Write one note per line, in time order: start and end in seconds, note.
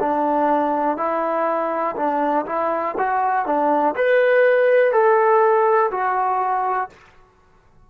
0.00 0.97 D4
0.97 1.96 E4
1.97 2.46 D4
2.46 2.96 E4
2.99 3.46 F#4
3.46 3.95 D4
3.96 4.93 B4
4.93 5.91 A4
5.92 6.90 F#4